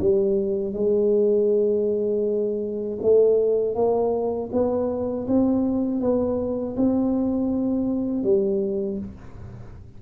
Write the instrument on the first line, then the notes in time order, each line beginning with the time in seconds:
tuba
0.00 G3
0.74 G#3
3.02 A3
3.75 A#3
4.52 B3
5.28 C4
6.01 B3
6.77 C4
8.24 G3